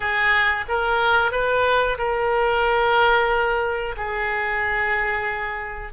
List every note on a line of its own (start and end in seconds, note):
0.00 0.64 G#4
0.68 1.31 A#4
1.31 1.97 B4
1.98 3.95 A#4
3.97 5.92 G#4